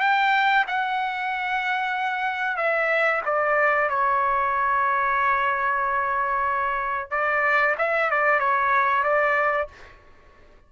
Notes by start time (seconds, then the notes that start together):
0.00 G5
0.67 F#5
2.57 E5
3.25 D5
3.89 C#5
7.10 D5
7.78 E5
8.10 D5
8.39 C#5
9.03 D5